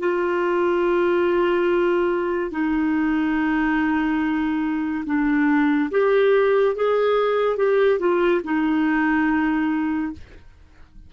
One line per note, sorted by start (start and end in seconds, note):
0.00 2.51 F4
2.51 5.05 D#4
5.06 5.90 D4
5.91 6.76 G4
6.76 7.57 G#4
7.57 7.99 G4
7.99 8.42 F4
8.44 10.13 D#4